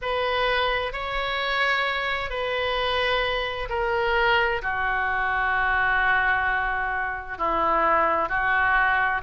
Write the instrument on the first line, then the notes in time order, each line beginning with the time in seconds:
oboe
0.01 B4
0.92 C#5
2.30 B4
3.69 A#4
4.62 F#4
7.38 E4
8.28 F#4